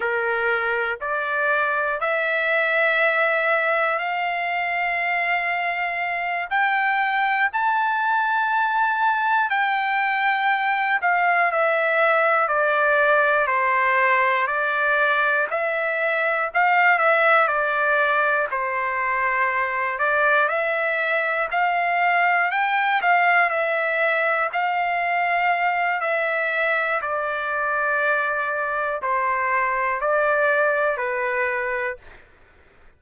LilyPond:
\new Staff \with { instrumentName = "trumpet" } { \time 4/4 \tempo 4 = 60 ais'4 d''4 e''2 | f''2~ f''8 g''4 a''8~ | a''4. g''4. f''8 e''8~ | e''8 d''4 c''4 d''4 e''8~ |
e''8 f''8 e''8 d''4 c''4. | d''8 e''4 f''4 g''8 f''8 e''8~ | e''8 f''4. e''4 d''4~ | d''4 c''4 d''4 b'4 | }